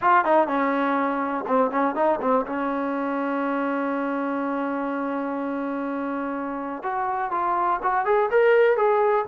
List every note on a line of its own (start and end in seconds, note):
0.01 0.24 F4
0.24 0.47 D#4
0.47 1.44 C#4
1.47 1.70 C4
1.70 1.95 C#4
1.95 2.19 D#4
2.21 2.45 C4
2.46 6.82 C#4
6.82 7.31 F#4
7.31 7.79 F4
7.82 8.05 F#4
8.05 8.29 G#4
8.31 8.76 A#4
8.76 9.25 G#4